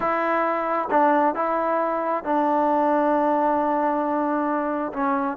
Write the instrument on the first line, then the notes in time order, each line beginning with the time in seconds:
trombone
0.00 E4
0.90 D4
1.34 E4
2.23 D4
4.93 C#4